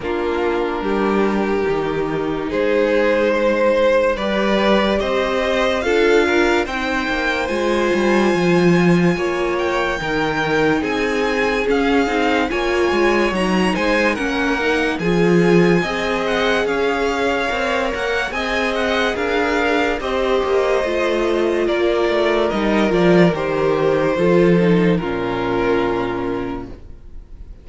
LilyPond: <<
  \new Staff \with { instrumentName = "violin" } { \time 4/4 \tempo 4 = 72 ais'2. c''4~ | c''4 d''4 dis''4 f''4 | g''4 gis''2~ gis''8 g''8~ | g''4 gis''4 f''4 gis''4 |
ais''8 gis''8 fis''4 gis''4. fis''8 | f''4. fis''8 gis''8 fis''8 f''4 | dis''2 d''4 dis''8 d''8 | c''2 ais'2 | }
  \new Staff \with { instrumentName = "violin" } { \time 4/4 f'4 g'2 gis'4 | c''4 b'4 c''4 a'8 ais'8 | c''2. cis''4 | ais'4 gis'2 cis''4~ |
cis''8 c''8 ais'4 gis'4 dis''4 | cis''2 dis''4 ais'4 | c''2 ais'2~ | ais'4 a'4 f'2 | }
  \new Staff \with { instrumentName = "viola" } { \time 4/4 d'2 dis'2~ | dis'4 g'2 f'4 | dis'4 f'2. | dis'2 cis'8 dis'8 f'4 |
dis'4 cis'8 dis'8 f'4 gis'4~ | gis'4 ais'4 gis'2 | g'4 f'2 dis'8 f'8 | g'4 f'8 dis'8 cis'2 | }
  \new Staff \with { instrumentName = "cello" } { \time 4/4 ais4 g4 dis4 gis4~ | gis4 g4 c'4 d'4 | c'8 ais8 gis8 g8 f4 ais4 | dis4 c'4 cis'8 c'8 ais8 gis8 |
fis8 gis8 ais4 f4 c'4 | cis'4 c'8 ais8 c'4 d'4 | c'8 ais8 a4 ais8 a8 g8 f8 | dis4 f4 ais,2 | }
>>